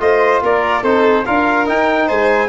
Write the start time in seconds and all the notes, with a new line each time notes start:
0.00 A3 F4 C5 D#5
0.43 A#3 A#4 D5
0.83 C4 D#4 A4 C5
1.26 D4 F4 A#4 F5
1.66 D#4 G5
2.07 G#3 C5 G#5